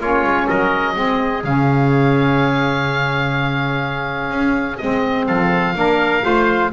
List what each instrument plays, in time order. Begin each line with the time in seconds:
0.00 double bass A#3, saxophone C#4, trumpet F4, oboe C#5
0.23 double bass G#3
0.47 double bass F#3, trumpet A#4, oboe D#5
0.95 double bass G#3, saxophone C4, trumpet G#4
1.43 double bass C#3, saxophone C#4, oboe F5
4.29 double bass C#4
4.77 double bass G#3, saxophone C4, oboe D#5
5.27 double bass F3, trumpet A4, oboe F5
5.75 double bass A#3, saxophone D4, trumpet A#4
6.21 double bass A3, saxophone F4, trumpet C5